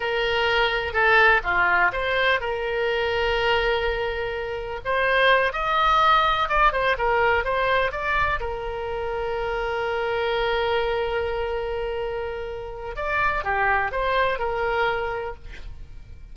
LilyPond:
\new Staff \with { instrumentName = "oboe" } { \time 4/4 \tempo 4 = 125 ais'2 a'4 f'4 | c''4 ais'2.~ | ais'2 c''4. dis''8~ | dis''4. d''8 c''8 ais'4 c''8~ |
c''8 d''4 ais'2~ ais'8~ | ais'1~ | ais'2. d''4 | g'4 c''4 ais'2 | }